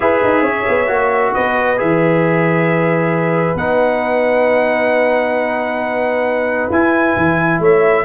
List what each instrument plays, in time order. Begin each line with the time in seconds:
0.00 tuba E4, trombone G#4, horn B4, trumpet E5
0.24 tuba D#4
0.42 tuba C#4, horn C#5
0.68 tuba B3
0.87 tuba A#3, trombone F#4
1.33 tuba B3, horn B4, trumpet D#5
1.76 tuba E3, trombone G#4, trumpet E5
3.54 tuba B3, trombone D#4, trumpet F#5
6.70 tuba E4, trombone E4, trumpet G#5
7.16 tuba E3
7.59 tuba A3, horn C#5, trumpet E5